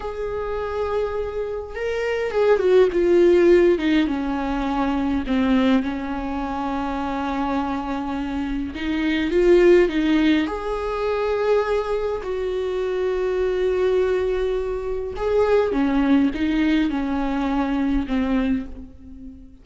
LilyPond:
\new Staff \with { instrumentName = "viola" } { \time 4/4 \tempo 4 = 103 gis'2. ais'4 | gis'8 fis'8 f'4. dis'8 cis'4~ | cis'4 c'4 cis'2~ | cis'2. dis'4 |
f'4 dis'4 gis'2~ | gis'4 fis'2.~ | fis'2 gis'4 cis'4 | dis'4 cis'2 c'4 | }